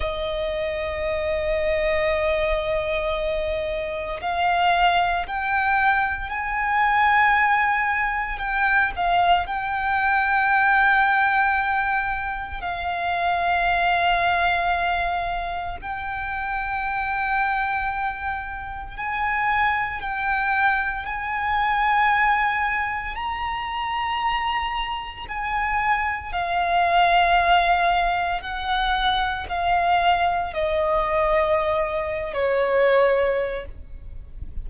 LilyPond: \new Staff \with { instrumentName = "violin" } { \time 4/4 \tempo 4 = 57 dis''1 | f''4 g''4 gis''2 | g''8 f''8 g''2. | f''2. g''4~ |
g''2 gis''4 g''4 | gis''2 ais''2 | gis''4 f''2 fis''4 | f''4 dis''4.~ dis''16 cis''4~ cis''16 | }